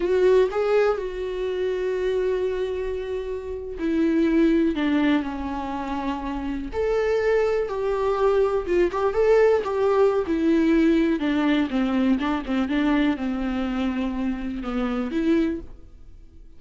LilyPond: \new Staff \with { instrumentName = "viola" } { \time 4/4 \tempo 4 = 123 fis'4 gis'4 fis'2~ | fis'2.~ fis'8. e'16~ | e'4.~ e'16 d'4 cis'4~ cis'16~ | cis'4.~ cis'16 a'2 g'16~ |
g'4.~ g'16 f'8 g'8 a'4 g'16~ | g'4 e'2 d'4 | c'4 d'8 c'8 d'4 c'4~ | c'2 b4 e'4 | }